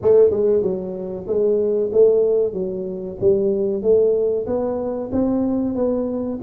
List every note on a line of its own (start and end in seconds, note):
0.02 0.30 A3
0.30 0.62 G#3
0.62 1.26 F#3
1.27 1.91 G#3
1.92 2.53 A3
2.53 3.17 F#3
3.20 3.82 G3
3.82 4.46 A3
4.46 5.10 B3
5.12 5.75 C4
5.75 6.39 B3